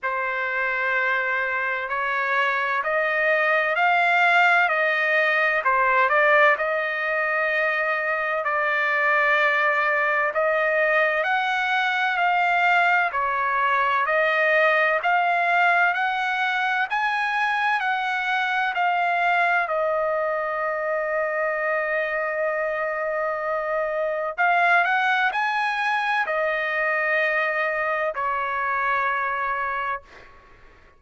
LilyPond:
\new Staff \with { instrumentName = "trumpet" } { \time 4/4 \tempo 4 = 64 c''2 cis''4 dis''4 | f''4 dis''4 c''8 d''8 dis''4~ | dis''4 d''2 dis''4 | fis''4 f''4 cis''4 dis''4 |
f''4 fis''4 gis''4 fis''4 | f''4 dis''2.~ | dis''2 f''8 fis''8 gis''4 | dis''2 cis''2 | }